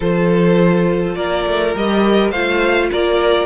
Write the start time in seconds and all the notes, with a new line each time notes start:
0.00 F3 F4 A4 C5
1.15 A#3 A#4 D5
1.46 A3
1.75 G3 G4 D#5
2.30 A3 F4 C5 F5
2.92 A#3 A#4 D5